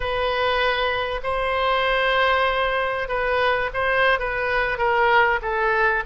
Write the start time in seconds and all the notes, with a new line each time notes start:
0.00 B4
1.23 C5
3.08 B4
3.73 C5
4.19 B4
4.77 A#4
5.42 A4